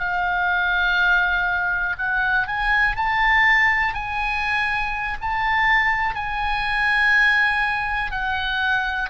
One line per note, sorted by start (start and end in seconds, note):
0.00 1.97 F5
1.99 2.47 F#5
2.47 2.96 G#5
2.96 3.95 A5
3.95 5.18 G#5
5.21 6.16 A5
6.16 8.11 G#5
8.11 9.10 F#5